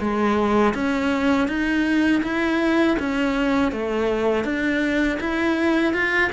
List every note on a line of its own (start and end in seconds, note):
0.00 0.74 G#3
0.74 1.48 C#4
1.48 2.22 D#4
2.23 2.97 E4
2.99 3.72 C#4
3.72 4.44 A3
4.44 5.19 D4
5.20 5.94 E4
5.94 6.31 F4